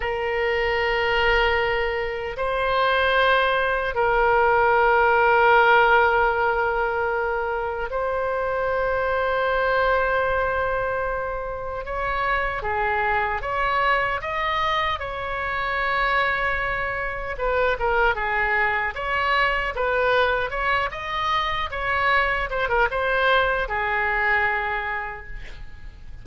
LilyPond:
\new Staff \with { instrumentName = "oboe" } { \time 4/4 \tempo 4 = 76 ais'2. c''4~ | c''4 ais'2.~ | ais'2 c''2~ | c''2. cis''4 |
gis'4 cis''4 dis''4 cis''4~ | cis''2 b'8 ais'8 gis'4 | cis''4 b'4 cis''8 dis''4 cis''8~ | cis''8 c''16 ais'16 c''4 gis'2 | }